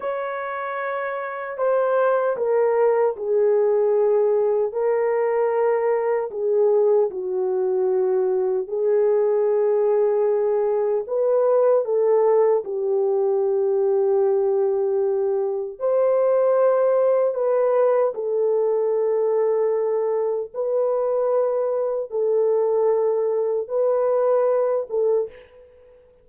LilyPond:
\new Staff \with { instrumentName = "horn" } { \time 4/4 \tempo 4 = 76 cis''2 c''4 ais'4 | gis'2 ais'2 | gis'4 fis'2 gis'4~ | gis'2 b'4 a'4 |
g'1 | c''2 b'4 a'4~ | a'2 b'2 | a'2 b'4. a'8 | }